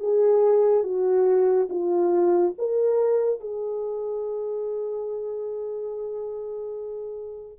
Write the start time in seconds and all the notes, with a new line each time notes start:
0.00 G#4
0.84 F#4
1.69 F4
2.58 A#4
3.40 G#4